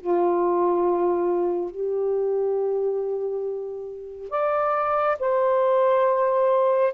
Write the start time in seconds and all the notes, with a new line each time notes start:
0.00 F4
1.71 G4
4.30 D5
5.19 C5